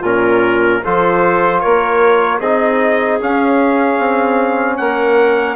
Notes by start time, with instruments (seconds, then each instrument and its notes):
0.00 bassoon A#2, trombone C#4, clarinet F4, trumpet A#4
0.83 bassoon F3, trombone F4, clarinet A4, trumpet C5
1.60 bassoon A#3, clarinet A#4, trumpet C#5
2.38 bassoon C4, trombone D#4, clarinet G#4, trumpet D#5
3.20 trombone C#4, bassoon C#4, trumpet F5
3.99 bassoon C4
4.77 bassoon A#3, clarinet A#4, trumpet F#5